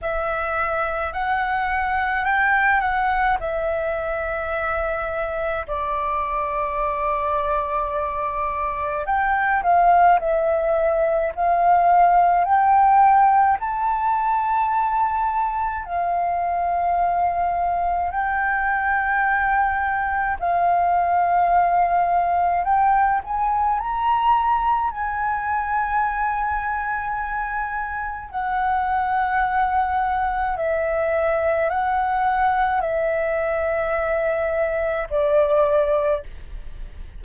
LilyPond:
\new Staff \with { instrumentName = "flute" } { \time 4/4 \tempo 4 = 53 e''4 fis''4 g''8 fis''8 e''4~ | e''4 d''2. | g''8 f''8 e''4 f''4 g''4 | a''2 f''2 |
g''2 f''2 | g''8 gis''8 ais''4 gis''2~ | gis''4 fis''2 e''4 | fis''4 e''2 d''4 | }